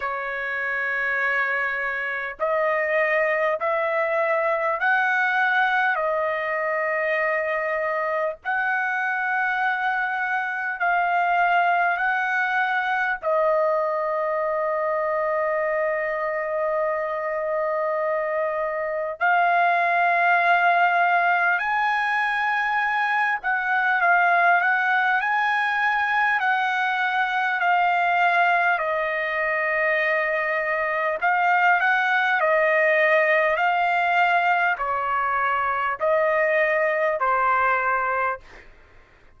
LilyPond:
\new Staff \with { instrumentName = "trumpet" } { \time 4/4 \tempo 4 = 50 cis''2 dis''4 e''4 | fis''4 dis''2 fis''4~ | fis''4 f''4 fis''4 dis''4~ | dis''1 |
f''2 gis''4. fis''8 | f''8 fis''8 gis''4 fis''4 f''4 | dis''2 f''8 fis''8 dis''4 | f''4 cis''4 dis''4 c''4 | }